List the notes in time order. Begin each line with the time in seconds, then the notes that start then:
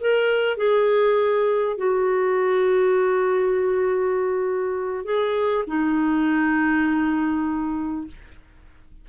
0.00 A#4
0.57 G#4
1.77 F#4
5.05 G#4
5.67 D#4